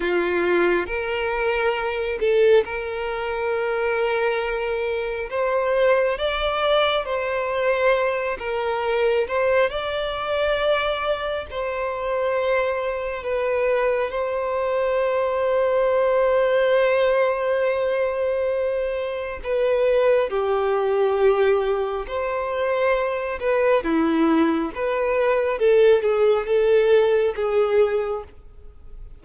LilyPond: \new Staff \with { instrumentName = "violin" } { \time 4/4 \tempo 4 = 68 f'4 ais'4. a'8 ais'4~ | ais'2 c''4 d''4 | c''4. ais'4 c''8 d''4~ | d''4 c''2 b'4 |
c''1~ | c''2 b'4 g'4~ | g'4 c''4. b'8 e'4 | b'4 a'8 gis'8 a'4 gis'4 | }